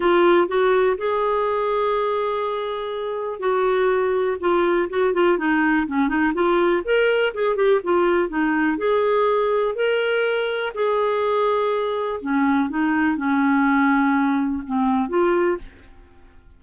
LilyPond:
\new Staff \with { instrumentName = "clarinet" } { \time 4/4 \tempo 4 = 123 f'4 fis'4 gis'2~ | gis'2. fis'4~ | fis'4 f'4 fis'8 f'8 dis'4 | cis'8 dis'8 f'4 ais'4 gis'8 g'8 |
f'4 dis'4 gis'2 | ais'2 gis'2~ | gis'4 cis'4 dis'4 cis'4~ | cis'2 c'4 f'4 | }